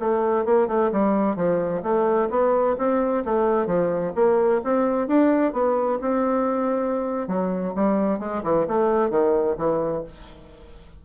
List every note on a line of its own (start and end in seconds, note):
0.00 0.46 A3
0.46 0.68 A#3
0.68 0.91 A3
0.92 1.36 G3
1.36 1.82 F3
1.83 2.29 A3
2.30 2.77 B3
2.78 3.24 C4
3.25 3.67 A3
3.67 4.13 F3
4.15 4.62 A#3
4.64 5.08 C4
5.08 5.53 D4
5.53 5.99 B3
6.01 7.28 C4
7.28 7.74 F#3
7.76 8.20 G3
8.20 8.43 G#3
8.43 8.66 E3
8.68 9.10 A3
9.10 9.56 D#3
9.58 10.04 E3